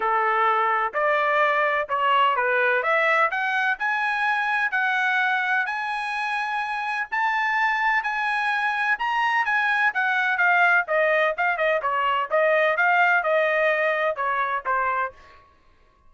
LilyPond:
\new Staff \with { instrumentName = "trumpet" } { \time 4/4 \tempo 4 = 127 a'2 d''2 | cis''4 b'4 e''4 fis''4 | gis''2 fis''2 | gis''2. a''4~ |
a''4 gis''2 ais''4 | gis''4 fis''4 f''4 dis''4 | f''8 dis''8 cis''4 dis''4 f''4 | dis''2 cis''4 c''4 | }